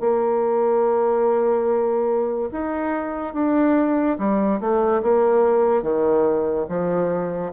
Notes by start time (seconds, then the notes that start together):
0.00 A#3
2.52 D#4
3.34 D4
4.19 G3
4.61 A3
5.02 A#3
5.83 D#3
6.69 F3